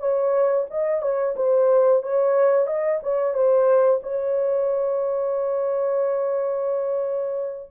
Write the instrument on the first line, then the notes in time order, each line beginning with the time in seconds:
horn
0.00 C#5
0.71 D#5
1.02 C#5
1.36 C5
2.03 C#5
2.67 D#5
3.03 C#5
3.34 C5
4.03 C#5